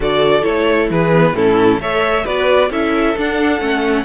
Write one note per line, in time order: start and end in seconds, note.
0.00 0.43 D3
0.00 0.41 F#4
0.00 0.91 A4
0.00 0.43 D5
0.41 0.90 A3
0.41 1.09 E4
0.41 0.88 C#5
0.90 1.33 E3
0.90 1.35 G#4
0.90 1.36 B4
1.12 1.34 B3
1.33 1.78 A2
1.33 1.80 C#4
1.33 1.80 E4
1.33 1.81 A4
1.79 2.24 A3
1.79 2.25 A4
1.79 2.24 C#5
1.79 2.26 E5
2.24 2.70 B3
2.24 2.70 F#4
2.24 2.69 B4
2.24 2.71 D5
2.70 3.15 C#4
2.70 3.16 E4
2.70 4.04 A4
2.70 3.17 E5
3.17 3.60 D4
3.17 4.04 F#5
3.60 4.04 A3
3.60 4.04 C#4